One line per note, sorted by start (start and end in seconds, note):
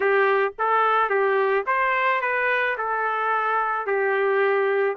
0.00 0.53 G4
0.58 1.09 A4
1.09 1.64 G4
1.66 2.21 C5
2.21 2.76 B4
2.77 3.86 A4
3.86 4.96 G4